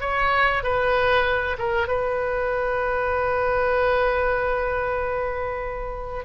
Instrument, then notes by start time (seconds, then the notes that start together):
oboe
0.00 C#5
0.63 B4
1.58 A#4
1.88 B4